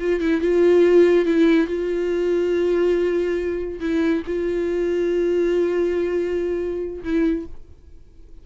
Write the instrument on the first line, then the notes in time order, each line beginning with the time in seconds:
viola
0.00 F4
0.20 E4
0.41 F4
1.25 E4
1.67 F4
3.80 E4
4.26 F4
7.03 E4